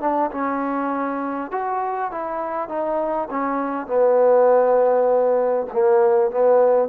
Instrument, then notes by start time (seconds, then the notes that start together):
trombone
0.00 D4
0.31 C#4
1.51 F#4
2.11 E4
2.68 D#4
3.30 C#4
3.87 B3
5.72 A#3
6.30 B3